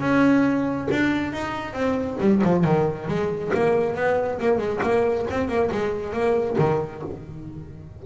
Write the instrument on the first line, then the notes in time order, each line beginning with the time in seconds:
double bass
0.00 C#4
0.91 D4
1.33 D#4
1.73 C4
2.20 G3
2.43 F3
2.64 D#3
3.07 G#3
3.54 A#3
3.95 B3
4.39 A#3
4.58 G#3
4.82 A#3
5.30 C4
5.48 A#3
5.71 G#3
6.13 A#3
6.58 D#3